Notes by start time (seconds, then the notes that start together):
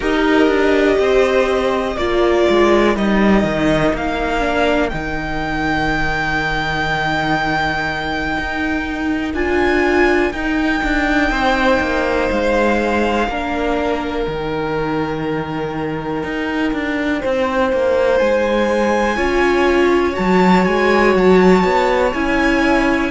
0.00 D#4 G4 A#4 D#5
0.47 D4
0.99 C4 C5
1.95 A#3 F4 A#4 D5
2.49 G#3
2.96 G3 D#4 D#5
3.43 D#3
3.93 A#3 F5
4.40 D4
4.89 D#3 D#4 G5
8.38 D#4
9.33 D4 F4 G#5
10.32 D#4 G5
10.83 D4
11.30 C4 C5
11.80 A#3
12.30 G#3 F5
13.28 A#3 D4 A#4
14.25 D#3 D#4 G5
16.23 D#4
16.73 D4
17.20 C4 C5
17.72 A#3
18.18 G#3 G#5
19.16 C#4 F4 C#5
20.13 F#3 F#4 A5
20.65 G#3 G#5
21.15 F#3 A5
21.64 B3
22.13 C#4 E4 G#5